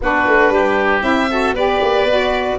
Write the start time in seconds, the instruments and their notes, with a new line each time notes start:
0.01 tuba B3, saxophone D4, oboe F#4, violin B4
0.26 tuba A3
0.50 tuba G3, oboe G4
1.01 tuba C4, saxophone E4, violin E5
1.30 saxophone F#4, oboe A4
1.53 tuba B3, saxophone G4, oboe B4, violin D5
1.81 tuba A#3
2.03 tuba B3, saxophone F#4